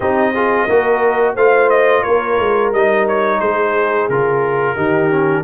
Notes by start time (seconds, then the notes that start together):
0.00 C4 D#4 G4 D#5
0.34 F4 G#4
0.65 A#3 F#4 A#4
1.34 A3 F4 C5 F5
1.69 D#5
2.02 A#3 A#4 C#5
2.39 G#3
2.72 G3 D#4 D#5
3.08 C#5
3.40 G#3 G#4 C5
4.09 C#3 F4 A#4
4.74 D#3 D#4 G4
5.11 C#4